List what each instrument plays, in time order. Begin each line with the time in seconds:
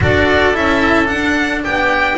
0.00 double bass D4, cello F#4, oboe A4, violin D5
0.53 double bass C#4, cello E4, violin E5
1.05 cello D4, double bass D4, violin F#5
1.63 double bass B3, oboe G4, violin G5